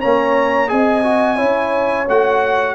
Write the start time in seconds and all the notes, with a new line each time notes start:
0.00 A#3 C#4 C#5 A#5
0.68 C4 G#4 D#5 G#5
1.03 F#4
1.36 C#4 E4 C#5
2.08 A3 F#4 F#5